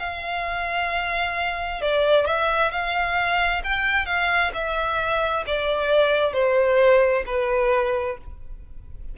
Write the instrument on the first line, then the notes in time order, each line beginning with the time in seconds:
violin
0.00 F5
1.82 D5
2.26 E5
2.72 F5
3.64 G5
4.06 F5
4.54 E5
5.47 D5
6.33 C5
7.27 B4